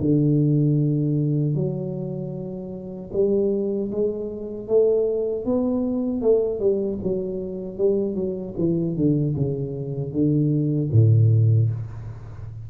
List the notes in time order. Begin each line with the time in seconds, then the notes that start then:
0.00 D3
1.55 F#3
3.13 G3
3.91 G#3
4.68 A3
5.45 B3
6.22 A3
6.60 G3
7.03 F#3
7.78 G3
8.15 F#3
8.58 E3
8.96 D3
9.36 C#3
10.12 D3
10.92 A2